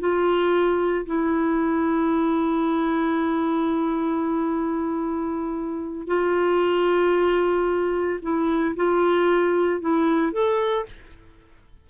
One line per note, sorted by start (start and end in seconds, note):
0.00 1.06 F4
1.06 6.07 E4
6.07 8.20 F4
8.23 8.76 E4
8.76 9.81 F4
9.81 10.33 E4
10.33 10.86 A4